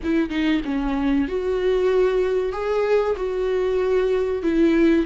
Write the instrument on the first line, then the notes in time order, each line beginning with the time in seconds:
viola
0.03 E4
0.29 D#4
0.64 C#4
1.28 F#4
2.52 G#4
3.16 F#4
4.42 E4